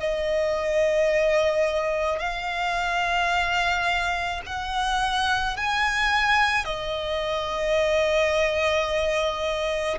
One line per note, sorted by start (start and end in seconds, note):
0.00 2.19 D#5
2.19 4.41 F5
4.46 5.57 F#5
5.57 6.65 G#5
6.65 9.98 D#5